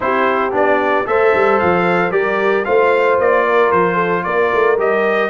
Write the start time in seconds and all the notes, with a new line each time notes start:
0.00 C4 E4 G4 C5
0.51 B3 D4 D5
1.05 A3 A4 C5 E5
1.34 G3
1.59 F3 F5
2.11 G3 G4 A#4 D5
2.64 A3 F4 C5 F5
3.18 A#3 D5
3.44 A#4
3.71 F3 C5
3.94 A4
4.23 A#3 A#4 D5
4.54 A3
4.78 G3 G4 D#5